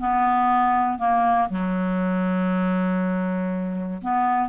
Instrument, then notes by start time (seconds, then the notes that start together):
clarinet
0.00 B3
0.99 A#3
1.50 F#3
4.02 B3